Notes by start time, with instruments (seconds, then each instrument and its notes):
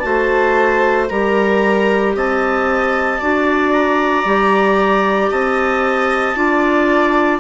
0.00 bassoon A3, clarinet F#4 A5, viola C5
1.09 bassoon G3, clarinet G4 A#5, viola A#4
2.16 bassoon C4, viola D#5, clarinet A5
3.20 bassoon D4, clarinet F#4, viola D5
3.72 clarinet A#5
4.25 bassoon G3, clarinet G4
5.30 bassoon C4, viola D#5, clarinet A5
6.35 bassoon D4, clarinet F4, viola D5